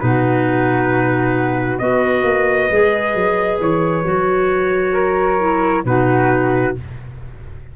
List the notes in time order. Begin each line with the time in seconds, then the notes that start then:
0.00 B2 D#4 F#4 B4
1.79 B3 F#4 B4 D#5
2.24 A#3
2.71 G#3 G#4
3.15 F#3
3.60 E3 C#5
4.04 F#3 F#4
4.93 A#4
5.39 E4
5.85 B2 D#4 F#4 B4